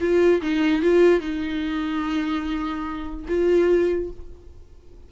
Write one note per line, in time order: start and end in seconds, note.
0.00 0.41 F4
0.42 0.82 D#4
0.82 1.20 F4
1.20 3.26 D#4
3.28 4.10 F4